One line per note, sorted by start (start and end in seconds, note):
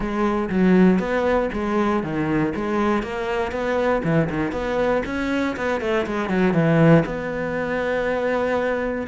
0.00 0.49 G#3
0.49 0.99 F#3
0.99 1.49 B3
1.52 2.03 G#3
2.03 2.53 D#3
2.55 3.02 G#3
3.02 3.51 A#3
3.51 4.02 B3
4.04 4.29 E3
4.29 4.51 D#3
4.51 5.02 B3
5.05 5.56 C#4
5.56 5.81 B3
5.81 6.06 A3
6.06 6.29 G#3
6.29 6.53 F#3
6.53 7.04 E3
7.05 9.07 B3